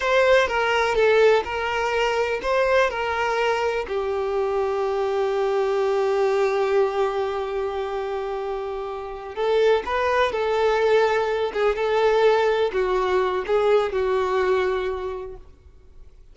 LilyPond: \new Staff \with { instrumentName = "violin" } { \time 4/4 \tempo 4 = 125 c''4 ais'4 a'4 ais'4~ | ais'4 c''4 ais'2 | g'1~ | g'1~ |
g'2.~ g'8 a'8~ | a'8 b'4 a'2~ a'8 | gis'8 a'2 fis'4. | gis'4 fis'2. | }